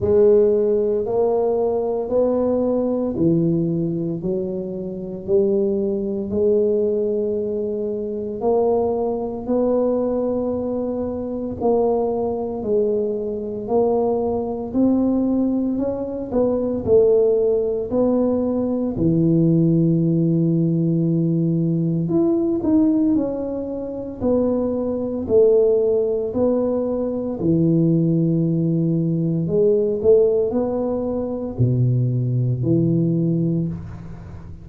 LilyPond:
\new Staff \with { instrumentName = "tuba" } { \time 4/4 \tempo 4 = 57 gis4 ais4 b4 e4 | fis4 g4 gis2 | ais4 b2 ais4 | gis4 ais4 c'4 cis'8 b8 |
a4 b4 e2~ | e4 e'8 dis'8 cis'4 b4 | a4 b4 e2 | gis8 a8 b4 b,4 e4 | }